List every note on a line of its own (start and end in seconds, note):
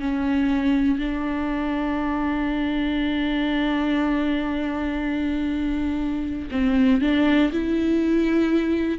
0.00 0.98 C#4
0.98 6.48 D4
6.51 7.00 C4
7.00 7.50 D4
7.52 8.98 E4